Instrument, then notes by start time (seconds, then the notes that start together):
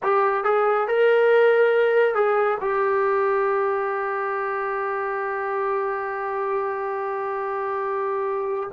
trombone
0.02 G4
0.43 G#4
0.87 A#4
2.14 G#4
2.60 G4